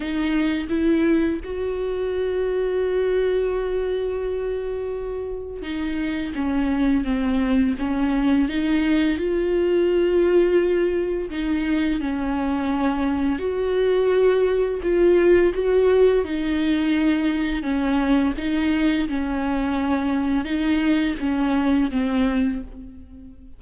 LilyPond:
\new Staff \with { instrumentName = "viola" } { \time 4/4 \tempo 4 = 85 dis'4 e'4 fis'2~ | fis'1 | dis'4 cis'4 c'4 cis'4 | dis'4 f'2. |
dis'4 cis'2 fis'4~ | fis'4 f'4 fis'4 dis'4~ | dis'4 cis'4 dis'4 cis'4~ | cis'4 dis'4 cis'4 c'4 | }